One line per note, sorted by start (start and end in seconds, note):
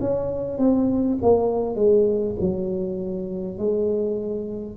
0.00 0.58 C#4
0.58 1.18 C4
1.22 1.75 A#3
1.75 2.35 G#3
2.41 3.58 F#3
3.58 4.77 G#3